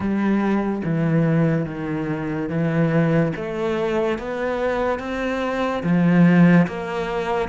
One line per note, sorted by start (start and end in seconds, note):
0.00 0.82 G3
0.84 1.65 E3
1.65 2.48 D#3
2.49 3.32 E3
3.35 4.18 A3
4.18 4.99 B3
4.99 5.82 C4
5.83 6.66 F3
6.67 7.48 A#3